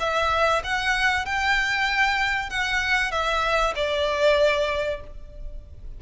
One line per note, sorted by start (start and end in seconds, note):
0.00 0.62 E5
0.64 1.26 F#5
1.26 2.50 G5
2.50 3.12 F#5
3.12 3.74 E5
3.76 5.01 D5